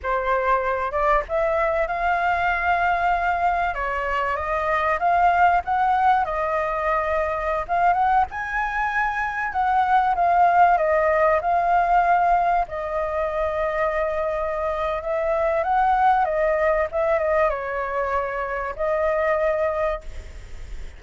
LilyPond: \new Staff \with { instrumentName = "flute" } { \time 4/4 \tempo 4 = 96 c''4. d''8 e''4 f''4~ | f''2 cis''4 dis''4 | f''4 fis''4 dis''2~ | dis''16 f''8 fis''8 gis''2 fis''8.~ |
fis''16 f''4 dis''4 f''4.~ f''16~ | f''16 dis''2.~ dis''8. | e''4 fis''4 dis''4 e''8 dis''8 | cis''2 dis''2 | }